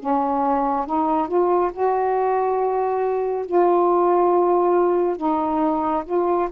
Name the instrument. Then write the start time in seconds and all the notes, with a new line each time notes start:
saxophone
0.00 C#4
0.87 D#4
1.28 F4
1.74 F#4
3.46 F4
5.17 D#4
6.06 F4